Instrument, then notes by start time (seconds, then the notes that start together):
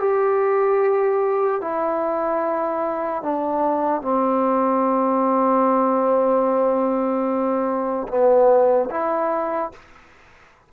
trombone
0.00 G4
1.62 E4
3.23 D4
4.02 C4
8.09 B3
8.91 E4